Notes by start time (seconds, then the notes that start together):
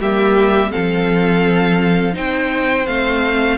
0.00 G3 A#3 G4 E5
0.71 F3 C4 A4 F5
2.13 C4 D#4 C5 G5
2.86 A3 C4 F5